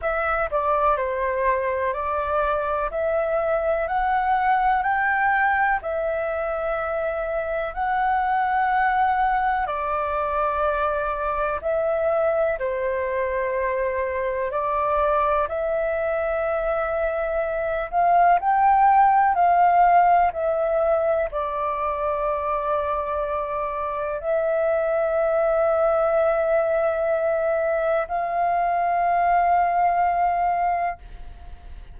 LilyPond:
\new Staff \with { instrumentName = "flute" } { \time 4/4 \tempo 4 = 62 e''8 d''8 c''4 d''4 e''4 | fis''4 g''4 e''2 | fis''2 d''2 | e''4 c''2 d''4 |
e''2~ e''8 f''8 g''4 | f''4 e''4 d''2~ | d''4 e''2.~ | e''4 f''2. | }